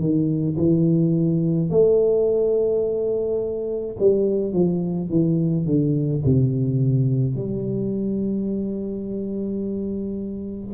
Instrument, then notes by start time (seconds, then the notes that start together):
tuba
0.00 D#3
0.58 E3
1.70 A3
4.00 G3
4.53 F3
5.10 E3
5.66 D3
6.25 C3
7.36 G3